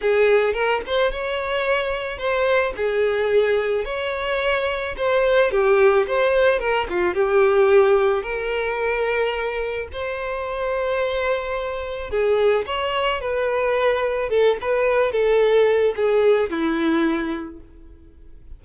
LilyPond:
\new Staff \with { instrumentName = "violin" } { \time 4/4 \tempo 4 = 109 gis'4 ais'8 c''8 cis''2 | c''4 gis'2 cis''4~ | cis''4 c''4 g'4 c''4 | ais'8 f'8 g'2 ais'4~ |
ais'2 c''2~ | c''2 gis'4 cis''4 | b'2 a'8 b'4 a'8~ | a'4 gis'4 e'2 | }